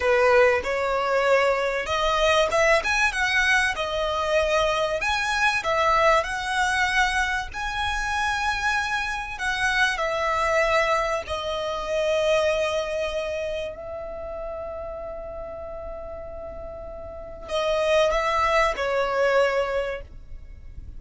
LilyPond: \new Staff \with { instrumentName = "violin" } { \time 4/4 \tempo 4 = 96 b'4 cis''2 dis''4 | e''8 gis''8 fis''4 dis''2 | gis''4 e''4 fis''2 | gis''2. fis''4 |
e''2 dis''2~ | dis''2 e''2~ | e''1 | dis''4 e''4 cis''2 | }